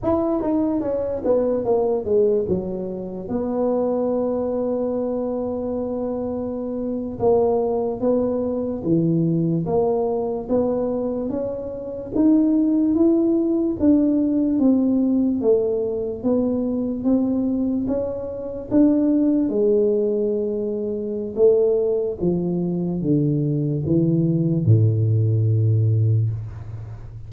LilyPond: \new Staff \with { instrumentName = "tuba" } { \time 4/4 \tempo 4 = 73 e'8 dis'8 cis'8 b8 ais8 gis8 fis4 | b1~ | b8. ais4 b4 e4 ais16~ | ais8. b4 cis'4 dis'4 e'16~ |
e'8. d'4 c'4 a4 b16~ | b8. c'4 cis'4 d'4 gis16~ | gis2 a4 f4 | d4 e4 a,2 | }